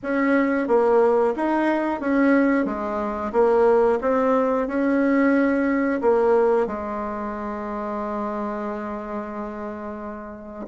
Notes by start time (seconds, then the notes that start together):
0.02 C#4
0.67 A#3
1.36 D#4
2.00 C#4
2.65 G#3
3.32 A#3
4.01 C4
4.67 C#4
6.01 A#3
6.66 G#3